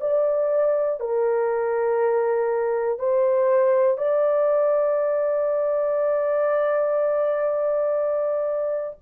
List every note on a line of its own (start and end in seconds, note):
0.00 1.00 D5
1.00 2.99 A#4
2.99 3.97 C5
3.97 8.97 D5